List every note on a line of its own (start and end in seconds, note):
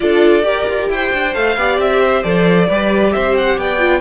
0.00 0.43 D4
0.00 0.42 F4
0.00 0.45 A4
0.00 0.89 D5
0.42 1.32 G4
0.42 0.65 G4
0.42 0.89 A#4
0.69 0.89 F4
0.89 1.11 E4
0.89 1.58 C5
0.89 1.34 G5
1.13 1.35 D4
1.33 1.56 A3
1.33 1.56 A4
1.33 1.79 F5
1.56 1.78 B3
1.56 2.23 G4
1.56 2.00 D5
1.78 2.22 C4
1.78 2.23 E5
2.00 2.67 C5
2.23 2.69 F3
2.23 2.68 A4
2.23 3.12 D5
2.68 3.14 G3
2.68 3.78 G4
2.68 3.12 B4
3.12 3.57 C4
3.12 3.58 C5
3.12 3.35 E5
3.37 3.59 F#5
3.57 4.01 B3
3.57 4.01 D5
3.57 4.01 G5
3.78 4.01 F4